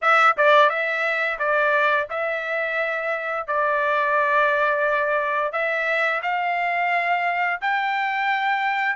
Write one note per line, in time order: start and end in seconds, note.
0.01 0.36 E5
0.37 0.69 D5
0.69 1.38 E5
1.38 2.07 D5
2.09 3.47 E5
3.47 5.52 D5
5.52 6.21 E5
6.22 7.60 F5
7.61 8.96 G5